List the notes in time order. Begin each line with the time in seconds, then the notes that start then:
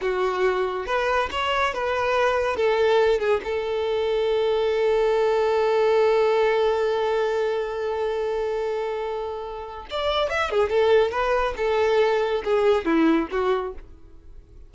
0.01 F#4
0.86 B4
1.31 C#5
1.74 B4
2.56 A4
3.19 G#4
3.44 A4
9.90 D5
10.29 E5
10.50 G#4
10.69 A4
11.11 B4
11.57 A4
12.44 G#4
12.85 E4
13.31 F#4